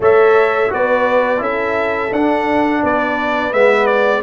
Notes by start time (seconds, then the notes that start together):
0.00 A3 A4 C#5 E5
0.69 B3 F#4 B4 D5
1.38 C#4 E4 A4 E5
2.11 D4 F#5
2.83 B3 B4 D5
3.52 G#3 B3 E5
3.86 D5